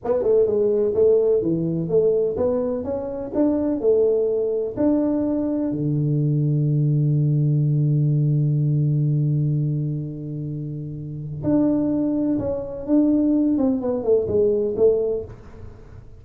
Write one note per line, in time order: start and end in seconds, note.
0.04 0.22 B3
0.22 0.46 A3
0.46 0.94 G#3
0.94 1.42 A3
1.42 1.88 E3
1.88 2.36 A3
2.36 2.83 B3
2.83 3.31 C#4
3.34 3.80 D4
3.80 4.75 A3
4.76 5.71 D4
5.71 11.42 D3
11.43 12.38 D4
12.38 12.86 C#4
12.86 13.57 D4
13.57 13.81 C4
13.81 14.03 B3
14.03 14.27 A3
14.27 14.75 G#3
14.76 15.24 A3